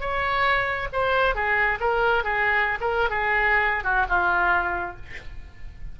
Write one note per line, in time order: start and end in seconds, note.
0.00 0.88 C#5
0.92 1.35 C5
1.35 1.78 G#4
1.80 2.24 A#4
2.24 2.78 G#4
2.80 3.09 A#4
3.09 3.84 G#4
3.84 4.06 F#4
4.08 4.96 F4